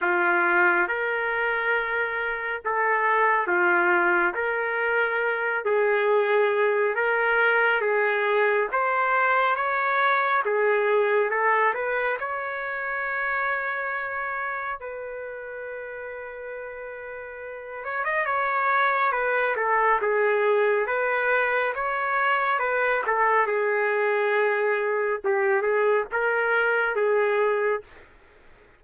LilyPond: \new Staff \with { instrumentName = "trumpet" } { \time 4/4 \tempo 4 = 69 f'4 ais'2 a'4 | f'4 ais'4. gis'4. | ais'4 gis'4 c''4 cis''4 | gis'4 a'8 b'8 cis''2~ |
cis''4 b'2.~ | b'8 cis''16 dis''16 cis''4 b'8 a'8 gis'4 | b'4 cis''4 b'8 a'8 gis'4~ | gis'4 g'8 gis'8 ais'4 gis'4 | }